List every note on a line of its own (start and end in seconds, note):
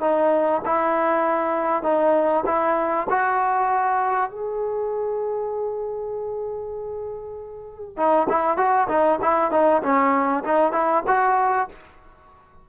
0.00 0.61 D#4
0.65 1.83 E4
1.83 2.44 D#4
2.45 3.07 E4
3.09 4.30 F#4
4.30 7.96 G#4
7.96 8.27 D#4
8.29 8.57 E4
8.57 8.87 F#4
8.88 9.19 D#4
9.21 9.51 E4
9.51 9.82 D#4
9.82 10.43 C#4
10.44 10.72 D#4
10.72 11.03 E4
11.07 11.68 F#4